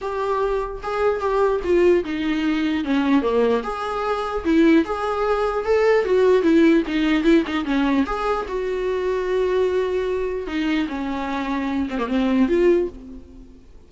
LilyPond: \new Staff \with { instrumentName = "viola" } { \time 4/4 \tempo 4 = 149 g'2 gis'4 g'4 | f'4 dis'2 cis'4 | ais4 gis'2 e'4 | gis'2 a'4 fis'4 |
e'4 dis'4 e'8 dis'8 cis'4 | gis'4 fis'2.~ | fis'2 dis'4 cis'4~ | cis'4. c'16 ais16 c'4 f'4 | }